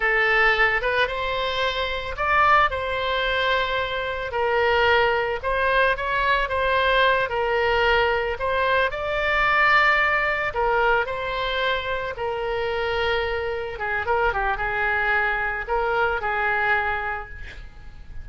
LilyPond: \new Staff \with { instrumentName = "oboe" } { \time 4/4 \tempo 4 = 111 a'4. b'8 c''2 | d''4 c''2. | ais'2 c''4 cis''4 | c''4. ais'2 c''8~ |
c''8 d''2. ais'8~ | ais'8 c''2 ais'4.~ | ais'4. gis'8 ais'8 g'8 gis'4~ | gis'4 ais'4 gis'2 | }